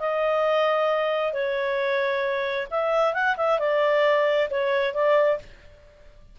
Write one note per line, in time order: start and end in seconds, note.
0.00 1.34 D#5
1.34 2.68 C#5
2.71 3.14 E5
3.14 3.36 F#5
3.37 3.59 E5
3.59 4.49 D5
4.51 4.94 C#5
4.94 5.39 D5